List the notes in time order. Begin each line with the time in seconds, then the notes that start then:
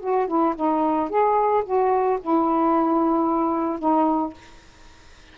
0.00 F#4
0.27 E4
0.55 D#4
1.09 G#4
1.64 F#4
2.21 E4
3.79 D#4